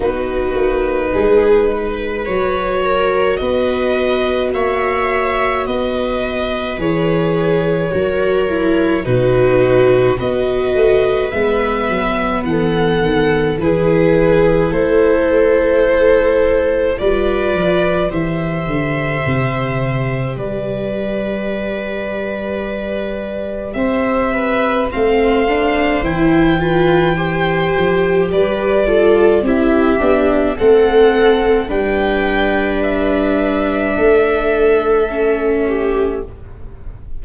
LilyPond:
<<
  \new Staff \with { instrumentName = "violin" } { \time 4/4 \tempo 4 = 53 b'2 cis''4 dis''4 | e''4 dis''4 cis''2 | b'4 dis''4 e''4 fis''4 | b'4 c''2 d''4 |
e''2 d''2~ | d''4 e''4 f''4 g''4~ | g''4 d''4 e''4 fis''4 | g''4 e''2. | }
  \new Staff \with { instrumentName = "viola" } { \time 4/4 fis'4 gis'8 b'4 ais'8 b'4 | cis''4 b'2 ais'4 | fis'4 b'2 a'4 | gis'4 a'2 b'4 |
c''2 b'2~ | b'4 c''8 b'8 c''4. b'8 | c''4 b'8 a'8 g'4 a'4 | b'2 a'4. g'8 | }
  \new Staff \with { instrumentName = "viola" } { \time 4/4 dis'2 fis'2~ | fis'2 gis'4 fis'8 e'8 | dis'4 fis'4 b2 | e'2. f'4 |
g'1~ | g'2 c'8 d'8 e'8 f'8 | g'4. f'8 e'8 d'8 c'4 | d'2. cis'4 | }
  \new Staff \with { instrumentName = "tuba" } { \time 4/4 b8 ais8 gis4 fis4 b4 | ais4 b4 e4 fis4 | b,4 b8 a8 gis8 fis8 e8 dis8 | e4 a2 g8 f8 |
e8 d8 c4 g2~ | g4 c'4 a4 e4~ | e8 f8 g4 c'8 b8 a4 | g2 a2 | }
>>